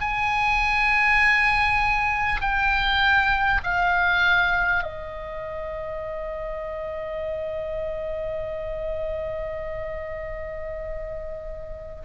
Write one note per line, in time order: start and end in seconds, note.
0.00 2.40 G#5
2.41 3.61 G5
3.63 4.83 F5
4.83 12.03 D#5